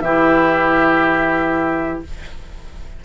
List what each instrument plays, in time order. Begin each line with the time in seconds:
0.00 bassoon E3, clarinet E4, oboe G4, flute E5